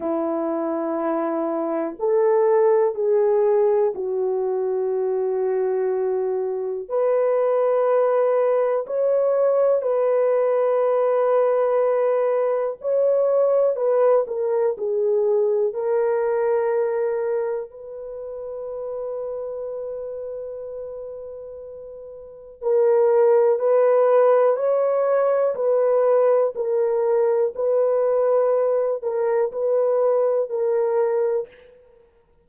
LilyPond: \new Staff \with { instrumentName = "horn" } { \time 4/4 \tempo 4 = 61 e'2 a'4 gis'4 | fis'2. b'4~ | b'4 cis''4 b'2~ | b'4 cis''4 b'8 ais'8 gis'4 |
ais'2 b'2~ | b'2. ais'4 | b'4 cis''4 b'4 ais'4 | b'4. ais'8 b'4 ais'4 | }